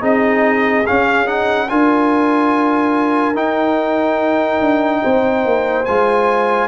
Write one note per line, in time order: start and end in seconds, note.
0.00 0.85 C4
0.00 0.84 D#4
0.00 1.67 G#4
0.00 0.86 D#5
0.86 1.26 C#4
0.86 1.70 C#4
0.86 1.27 F5
1.26 1.67 D#4
1.26 1.68 F#5
1.68 3.35 D4
1.68 3.35 F4
1.68 5.02 A#4
1.68 3.35 G#5
3.35 5.85 D#4
3.35 4.60 D#4
3.35 5.85 G5
4.60 5.02 D4
5.02 5.45 C4
5.02 6.67 C5
5.45 5.86 A#3
5.85 6.67 G#3
5.85 6.67 F4
5.85 6.67 G#5